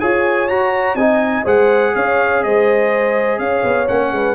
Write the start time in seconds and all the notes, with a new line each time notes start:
0.00 F4 G#4 C#5 G#5
0.48 F#4 A#5
0.95 C4 D#4 D#5 G#5
1.44 G#3 G#4 C5 F#5
1.95 C#4 C#5 F5
2.43 G#3 C5 D#5
3.39 C#4 C#5 F5
3.64 B3
3.88 A#3 C#4 F#5
4.12 G#3 B4